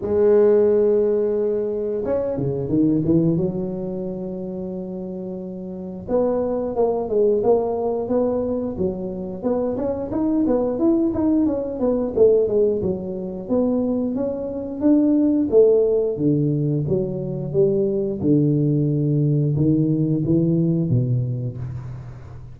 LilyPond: \new Staff \with { instrumentName = "tuba" } { \time 4/4 \tempo 4 = 89 gis2. cis'8 cis8 | dis8 e8 fis2.~ | fis4 b4 ais8 gis8 ais4 | b4 fis4 b8 cis'8 dis'8 b8 |
e'8 dis'8 cis'8 b8 a8 gis8 fis4 | b4 cis'4 d'4 a4 | d4 fis4 g4 d4~ | d4 dis4 e4 b,4 | }